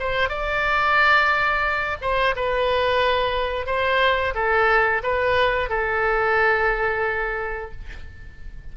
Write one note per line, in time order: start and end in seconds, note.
0.00 0.29 C5
0.29 1.98 D5
2.02 2.36 C5
2.36 3.67 B4
3.67 4.34 C5
4.35 5.03 A4
5.03 5.70 B4
5.70 7.72 A4